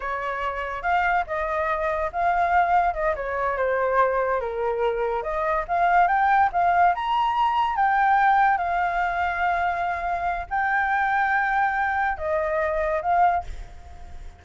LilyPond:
\new Staff \with { instrumentName = "flute" } { \time 4/4 \tempo 4 = 143 cis''2 f''4 dis''4~ | dis''4 f''2 dis''8 cis''8~ | cis''8 c''2 ais'4.~ | ais'8 dis''4 f''4 g''4 f''8~ |
f''8 ais''2 g''4.~ | g''8 f''2.~ f''8~ | f''4 g''2.~ | g''4 dis''2 f''4 | }